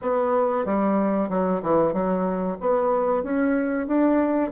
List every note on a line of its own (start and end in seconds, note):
0.01 0.65 B3
0.65 1.29 G3
1.29 1.61 F#3
1.62 1.93 E3
1.93 2.57 F#3
2.60 3.23 B3
3.23 3.87 C#4
3.87 4.51 D4